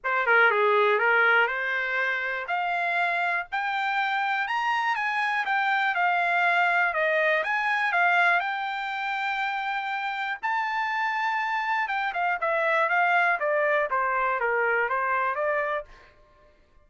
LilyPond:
\new Staff \with { instrumentName = "trumpet" } { \time 4/4 \tempo 4 = 121 c''8 ais'8 gis'4 ais'4 c''4~ | c''4 f''2 g''4~ | g''4 ais''4 gis''4 g''4 | f''2 dis''4 gis''4 |
f''4 g''2.~ | g''4 a''2. | g''8 f''8 e''4 f''4 d''4 | c''4 ais'4 c''4 d''4 | }